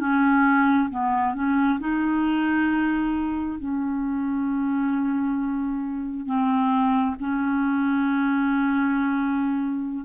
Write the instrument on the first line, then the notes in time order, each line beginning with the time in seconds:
clarinet
0.00 C#4
0.90 B3
1.35 C#4
1.80 D#4
3.59 C#4
6.26 C4
7.20 C#4